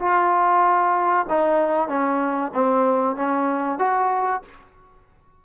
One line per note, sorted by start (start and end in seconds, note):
0.00 1.26 F4
1.29 1.89 D#4
1.89 2.52 C#4
2.54 3.16 C4
3.16 3.79 C#4
3.79 4.42 F#4